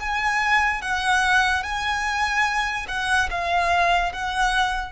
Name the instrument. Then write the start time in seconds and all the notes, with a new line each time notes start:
violin
0.00 G#5
0.82 F#5
1.64 G#5
2.88 F#5
3.31 F5
4.13 F#5